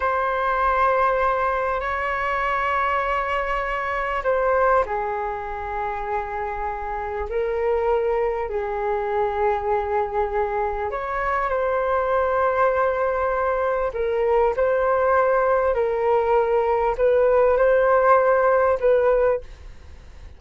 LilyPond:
\new Staff \with { instrumentName = "flute" } { \time 4/4 \tempo 4 = 99 c''2. cis''4~ | cis''2. c''4 | gis'1 | ais'2 gis'2~ |
gis'2 cis''4 c''4~ | c''2. ais'4 | c''2 ais'2 | b'4 c''2 b'4 | }